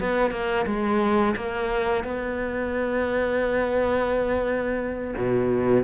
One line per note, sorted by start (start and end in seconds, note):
0.00 0.31 B3
0.31 0.66 A#3
0.66 1.35 G#3
1.36 2.04 A#3
2.04 5.14 B3
5.17 5.84 B2